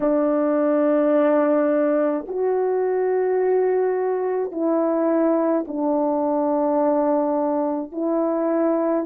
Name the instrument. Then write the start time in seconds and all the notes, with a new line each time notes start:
horn
0.00 D4
2.27 F#4
4.51 E4
5.67 D4
7.92 E4